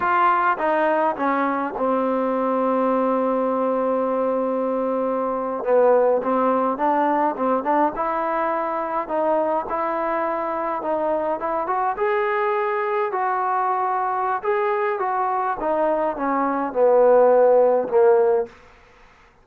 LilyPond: \new Staff \with { instrumentName = "trombone" } { \time 4/4 \tempo 4 = 104 f'4 dis'4 cis'4 c'4~ | c'1~ | c'4.~ c'16 b4 c'4 d'16~ | d'8. c'8 d'8 e'2 dis'16~ |
dis'8. e'2 dis'4 e'16~ | e'16 fis'8 gis'2 fis'4~ fis'16~ | fis'4 gis'4 fis'4 dis'4 | cis'4 b2 ais4 | }